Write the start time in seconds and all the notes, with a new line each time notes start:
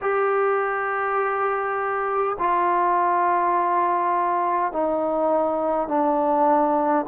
0.01 G4
2.39 F4
4.72 D#4
5.88 D4